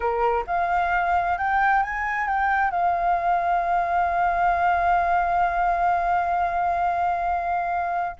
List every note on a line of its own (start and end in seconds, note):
0.00 0.44 A#4
0.47 1.38 F5
1.38 1.83 G5
1.83 2.27 G#5
2.27 2.70 G5
2.70 8.16 F5